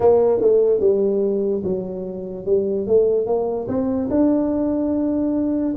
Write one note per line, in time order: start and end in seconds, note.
0.00 0.40 A#3
0.40 0.80 A3
0.80 1.62 G3
1.63 2.45 F#3
2.45 2.87 G3
2.87 3.26 A3
3.26 3.67 A#3
3.68 4.09 C4
4.10 5.75 D4